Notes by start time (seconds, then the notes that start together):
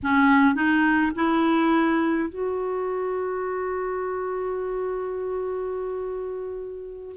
0.02 C#4
0.55 D#4
1.15 E4
2.29 F#4